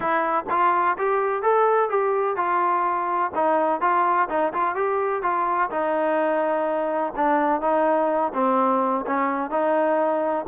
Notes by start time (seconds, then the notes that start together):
0.00 E4
0.49 F4
0.98 G4
1.42 A4
1.89 G4
2.36 F4
3.34 D#4
3.81 F4
4.29 D#4
4.53 F4
4.75 G4
5.22 F4
5.70 D#4
7.16 D4
7.61 D#4
8.33 C4
9.06 C#4
9.50 D#4